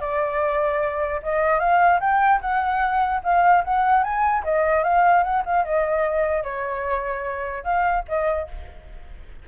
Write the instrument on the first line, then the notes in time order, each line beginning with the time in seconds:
flute
0.00 D5
1.22 D#5
1.59 F5
2.00 G5
2.41 F#5
3.23 F5
3.64 F#5
4.03 G#5
4.43 D#5
4.83 F5
5.23 F#5
5.45 F5
5.64 D#5
6.43 C#5
7.63 F5
8.08 D#5